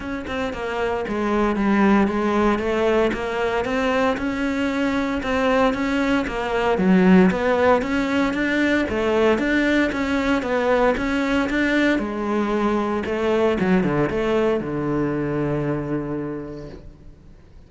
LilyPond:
\new Staff \with { instrumentName = "cello" } { \time 4/4 \tempo 4 = 115 cis'8 c'8 ais4 gis4 g4 | gis4 a4 ais4 c'4 | cis'2 c'4 cis'4 | ais4 fis4 b4 cis'4 |
d'4 a4 d'4 cis'4 | b4 cis'4 d'4 gis4~ | gis4 a4 fis8 d8 a4 | d1 | }